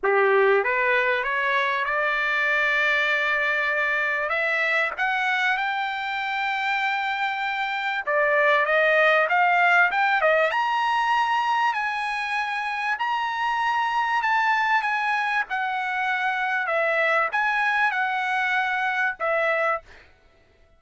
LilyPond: \new Staff \with { instrumentName = "trumpet" } { \time 4/4 \tempo 4 = 97 g'4 b'4 cis''4 d''4~ | d''2. e''4 | fis''4 g''2.~ | g''4 d''4 dis''4 f''4 |
g''8 dis''8 ais''2 gis''4~ | gis''4 ais''2 a''4 | gis''4 fis''2 e''4 | gis''4 fis''2 e''4 | }